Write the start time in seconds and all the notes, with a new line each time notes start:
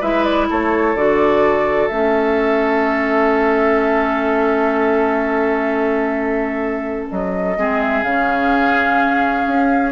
0.00 G#3 E4 B4 E5
0.24 D5
0.49 A3 A4 C#5
0.95 D3 F#4 D5
1.88 A3 C#4 E5
7.11 F#3 D#5
7.57 G#3 C4 G#4
7.80 E5
8.03 C#3 C#4 F5
9.47 C#4